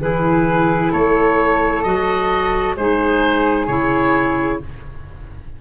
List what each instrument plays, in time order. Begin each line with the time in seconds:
0.00 tuba E3, clarinet E4, flute G#4, oboe B4
0.91 tuba A3, flute A4, oboe C#5
1.83 tuba F#3, clarinet F#4, oboe D#5
2.76 tuba G#3, clarinet D#4, flute G#4, oboe C5
3.67 tuba C#3, clarinet E4, oboe C#5